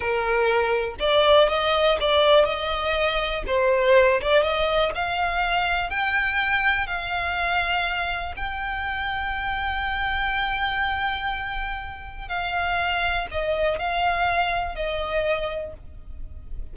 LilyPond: \new Staff \with { instrumentName = "violin" } { \time 4/4 \tempo 4 = 122 ais'2 d''4 dis''4 | d''4 dis''2 c''4~ | c''8 d''8 dis''4 f''2 | g''2 f''2~ |
f''4 g''2.~ | g''1~ | g''4 f''2 dis''4 | f''2 dis''2 | }